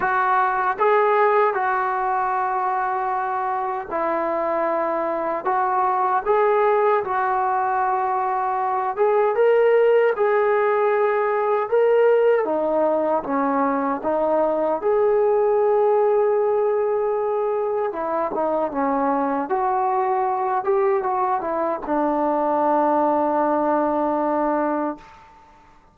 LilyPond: \new Staff \with { instrumentName = "trombone" } { \time 4/4 \tempo 4 = 77 fis'4 gis'4 fis'2~ | fis'4 e'2 fis'4 | gis'4 fis'2~ fis'8 gis'8 | ais'4 gis'2 ais'4 |
dis'4 cis'4 dis'4 gis'4~ | gis'2. e'8 dis'8 | cis'4 fis'4. g'8 fis'8 e'8 | d'1 | }